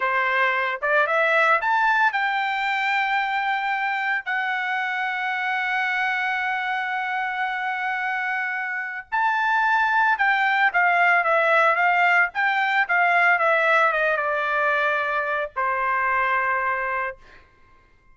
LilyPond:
\new Staff \with { instrumentName = "trumpet" } { \time 4/4 \tempo 4 = 112 c''4. d''8 e''4 a''4 | g''1 | fis''1~ | fis''1~ |
fis''4 a''2 g''4 | f''4 e''4 f''4 g''4 | f''4 e''4 dis''8 d''4.~ | d''4 c''2. | }